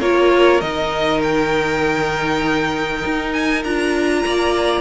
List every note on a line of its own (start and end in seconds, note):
0.00 0.61 A#3
0.00 0.61 F4
0.00 4.24 A#4
0.00 0.61 C#5
0.61 3.04 D#3
0.61 3.64 D#4
0.61 1.21 D#5
1.22 3.33 G5
3.05 3.64 D#4
3.33 3.63 G#5
3.64 4.25 D4
3.64 4.81 F4
3.64 4.81 A#5
4.26 4.81 A#3
4.26 4.81 D5